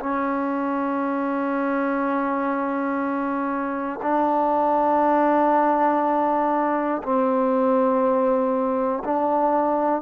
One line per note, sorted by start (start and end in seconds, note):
0.00 4.00 C#4
4.03 7.03 D4
7.04 9.04 C4
9.05 10.02 D4